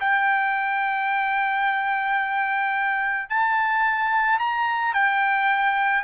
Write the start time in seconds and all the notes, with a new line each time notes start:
0.00 G5
3.29 A5
4.39 A#5
4.94 G5